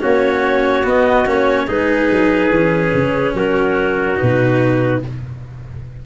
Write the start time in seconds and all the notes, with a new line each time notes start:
0.00 A#3 C#4 F#4 C#5
0.84 B3 D#5
1.26 A#3 C#4 C#5
1.67 G#3 D#4 G#4 B4
2.11 F#3
2.51 E3 C#4
2.93 C#3
3.35 F#3 F#4 A#4
4.15 D#4 B4
4.22 B2